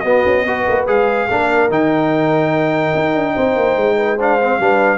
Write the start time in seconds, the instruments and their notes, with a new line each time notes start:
0.00 tuba B3, trombone B3, horn F#4, trumpet D#5
0.25 tuba C#4
0.45 tuba B3, trombone F#4, horn B4
0.69 tuba A#3
0.87 tuba G#3, trombone G#4, trumpet F5
1.29 tuba A#3, trombone D4, horn A#4
1.69 tuba D#3, trombone D#4, trumpet G5
2.95 tuba D#4
3.15 tuba D4
3.34 tuba C4, horn C5
3.56 tuba A#3
3.76 tuba G#3
3.97 horn B4
4.17 trombone D4, horn C5, trumpet F5
4.41 trombone C4
4.59 tuba G3, trombone D4, horn B4